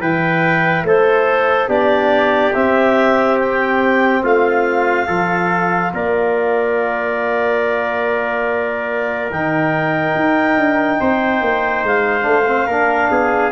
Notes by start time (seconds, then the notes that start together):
0.00 E3 E4 B4 G5
0.84 A3 A4 C5
1.68 B3 D4 G4 D5
2.54 C4 E5
3.39 G5
4.23 A3 F4 F5
5.07 F3 F4 A4
5.94 A#3 A#4 D5
9.31 D#3 D#4 G5
10.15 D#4
10.57 D4
11.00 C4 C5
11.41 A#3
11.83 G#3 F5
12.22 A3 D4
12.47 C4
12.67 A#3 D4 A#4
13.10 B3 G#4